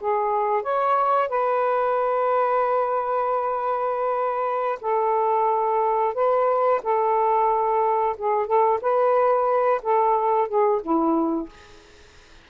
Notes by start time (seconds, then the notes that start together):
0.00 G#4
0.62 C#5
1.29 B4
4.81 A4
6.14 B4
6.83 A4
8.17 G#4
8.46 A4
8.81 B4
9.82 A4
10.48 G#4
10.82 E4